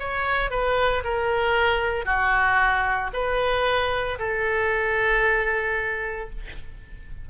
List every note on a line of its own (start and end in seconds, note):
0.00 0.51 C#5
0.51 1.03 B4
1.04 2.06 A#4
2.06 3.11 F#4
3.13 4.19 B4
4.19 6.30 A4